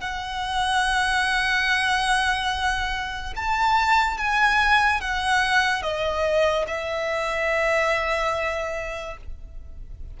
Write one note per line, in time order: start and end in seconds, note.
0.00 3.33 F#5
3.36 4.17 A5
4.17 5.00 G#5
5.00 5.82 F#5
5.82 6.65 D#5
6.67 9.17 E5